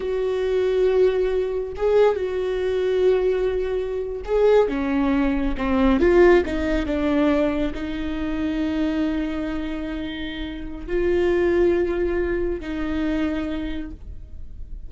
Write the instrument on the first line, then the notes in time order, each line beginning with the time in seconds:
viola
0.00 F#4
1.76 G#4
2.15 F#4
4.25 G#4
4.68 C#4
5.57 C4
6.00 F4
6.45 D#4
6.86 D4
7.74 D#4
10.86 F4
12.60 D#4